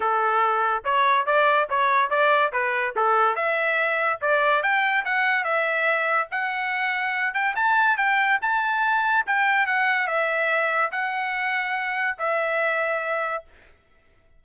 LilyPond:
\new Staff \with { instrumentName = "trumpet" } { \time 4/4 \tempo 4 = 143 a'2 cis''4 d''4 | cis''4 d''4 b'4 a'4 | e''2 d''4 g''4 | fis''4 e''2 fis''4~ |
fis''4. g''8 a''4 g''4 | a''2 g''4 fis''4 | e''2 fis''2~ | fis''4 e''2. | }